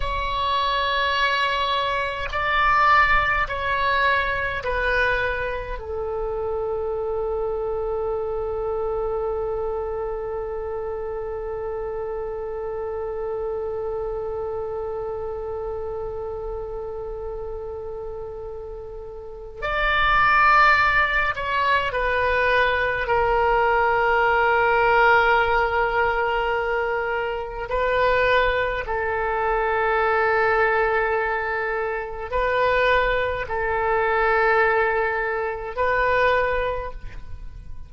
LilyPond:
\new Staff \with { instrumentName = "oboe" } { \time 4/4 \tempo 4 = 52 cis''2 d''4 cis''4 | b'4 a'2.~ | a'1~ | a'1~ |
a'4 d''4. cis''8 b'4 | ais'1 | b'4 a'2. | b'4 a'2 b'4 | }